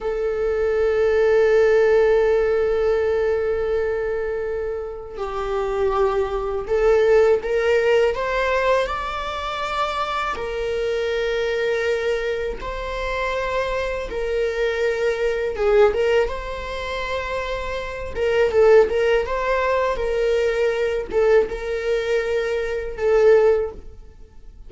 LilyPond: \new Staff \with { instrumentName = "viola" } { \time 4/4 \tempo 4 = 81 a'1~ | a'2. g'4~ | g'4 a'4 ais'4 c''4 | d''2 ais'2~ |
ais'4 c''2 ais'4~ | ais'4 gis'8 ais'8 c''2~ | c''8 ais'8 a'8 ais'8 c''4 ais'4~ | ais'8 a'8 ais'2 a'4 | }